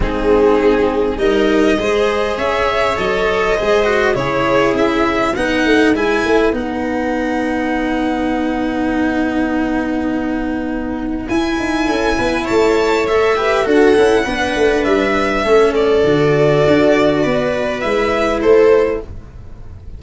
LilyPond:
<<
  \new Staff \with { instrumentName = "violin" } { \time 4/4 \tempo 4 = 101 gis'2 dis''2 | e''4 dis''2 cis''4 | e''4 fis''4 gis''4 fis''4~ | fis''1~ |
fis''2. gis''4~ | gis''4 a''4 e''4 fis''4~ | fis''4 e''4. d''4.~ | d''2 e''4 c''4 | }
  \new Staff \with { instrumentName = "viola" } { \time 4/4 dis'2 ais'4 c''4 | cis''2 c''4 gis'4~ | gis'4 b'2.~ | b'1~ |
b'1 | a'8 b'8 cis''4. b'8 a'4 | b'2 a'2~ | a'4 b'2 a'4 | }
  \new Staff \with { instrumentName = "cello" } { \time 4/4 c'2 dis'4 gis'4~ | gis'4 a'4 gis'8 fis'8 e'4~ | e'4 dis'4 e'4 dis'4~ | dis'1~ |
dis'2. e'4~ | e'2 a'8 g'8 fis'8 e'8 | d'2 cis'4 fis'4~ | fis'2 e'2 | }
  \new Staff \with { instrumentName = "tuba" } { \time 4/4 gis2 g4 gis4 | cis'4 fis4 gis4 cis4 | cis'4 b8 a8 gis8 a8 b4~ | b1~ |
b2. e'8 dis'8 | cis'8 b8 a2 d'8 cis'8 | b8 a8 g4 a4 d4 | d'4 b4 gis4 a4 | }
>>